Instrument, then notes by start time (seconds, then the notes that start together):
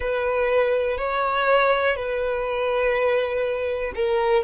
violin
0.00 B4
0.97 C#5
1.95 B4
3.95 A#4